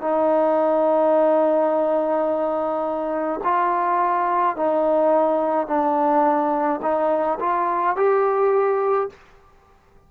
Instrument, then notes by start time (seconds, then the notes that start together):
trombone
0.00 D#4
3.43 F4
4.56 D#4
5.67 D4
6.82 D#4
7.39 F4
7.96 G4